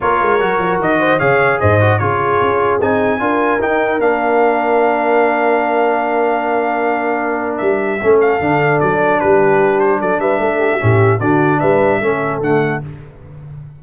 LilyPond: <<
  \new Staff \with { instrumentName = "trumpet" } { \time 4/4 \tempo 4 = 150 cis''2 dis''4 f''4 | dis''4 cis''2 gis''4~ | gis''4 g''4 f''2~ | f''1~ |
f''2. e''4~ | e''8 f''4. d''4 b'4~ | b'8 c''8 d''8 e''2~ e''8 | d''4 e''2 fis''4 | }
  \new Staff \with { instrumentName = "horn" } { \time 4/4 ais'2~ ais'8 c''8 cis''4 | c''4 gis'2. | ais'1~ | ais'1~ |
ais'1 | a'2. g'4~ | g'4 a'8 b'8 a'8 g'16 fis'16 g'4 | fis'4 b'4 a'2 | }
  \new Staff \with { instrumentName = "trombone" } { \time 4/4 f'4 fis'2 gis'4~ | gis'8 fis'8 f'2 dis'4 | f'4 dis'4 d'2~ | d'1~ |
d'1 | cis'4 d'2.~ | d'2. cis'4 | d'2 cis'4 a4 | }
  \new Staff \with { instrumentName = "tuba" } { \time 4/4 ais8 gis8 fis8 f8 dis4 cis4 | gis,4 cis4 cis'4 c'4 | d'4 dis'4 ais2~ | ais1~ |
ais2. g4 | a4 d4 fis4 g4~ | g4 fis8 g8 a4 a,4 | d4 g4 a4 d4 | }
>>